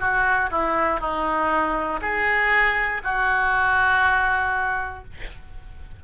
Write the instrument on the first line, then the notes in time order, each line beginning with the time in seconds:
oboe
0.00 F#4
0.51 E4
1.00 D#4
2.02 G#4
3.04 F#4